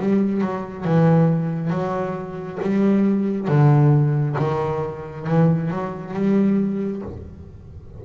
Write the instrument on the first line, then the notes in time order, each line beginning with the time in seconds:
double bass
0.00 G3
0.42 F#3
0.85 E3
1.71 F#3
2.63 G3
3.48 D3
4.39 D#3
5.28 E3
5.71 F#3
6.14 G3